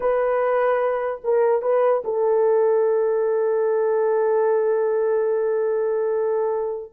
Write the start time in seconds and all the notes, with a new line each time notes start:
0.00 B4
1.24 A#4
1.62 B4
2.04 A4